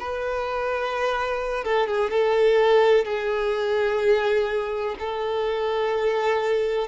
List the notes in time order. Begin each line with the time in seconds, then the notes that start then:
0.00 B4
1.65 A4
1.87 G#4
2.11 A4
3.06 G#4
5.00 A4